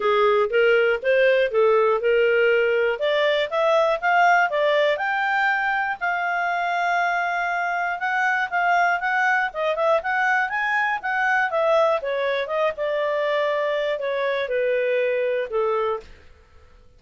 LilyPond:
\new Staff \with { instrumentName = "clarinet" } { \time 4/4 \tempo 4 = 120 gis'4 ais'4 c''4 a'4 | ais'2 d''4 e''4 | f''4 d''4 g''2 | f''1 |
fis''4 f''4 fis''4 dis''8 e''8 | fis''4 gis''4 fis''4 e''4 | cis''4 dis''8 d''2~ d''8 | cis''4 b'2 a'4 | }